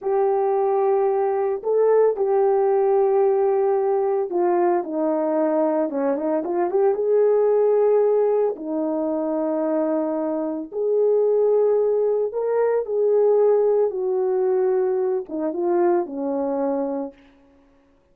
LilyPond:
\new Staff \with { instrumentName = "horn" } { \time 4/4 \tempo 4 = 112 g'2. a'4 | g'1 | f'4 dis'2 cis'8 dis'8 | f'8 g'8 gis'2. |
dis'1 | gis'2. ais'4 | gis'2 fis'2~ | fis'8 dis'8 f'4 cis'2 | }